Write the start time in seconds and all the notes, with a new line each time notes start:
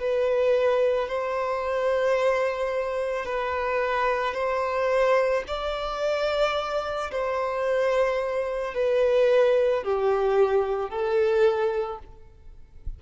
0.00 B4
1.09 C5
3.26 B4
4.34 C5
5.47 D5
7.12 C5
8.74 B4
9.84 G4
10.90 A4